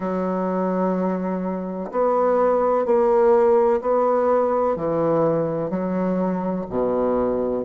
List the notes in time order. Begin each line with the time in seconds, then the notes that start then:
0.00 F#3
1.91 B3
2.85 A#3
3.81 B3
4.76 E3
5.70 F#3
6.69 B2